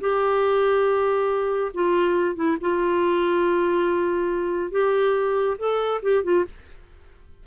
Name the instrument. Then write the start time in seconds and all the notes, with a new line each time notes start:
clarinet
0.00 G4
1.74 F4
2.35 E4
2.60 F4
4.71 G4
5.58 A4
6.02 G4
6.23 F4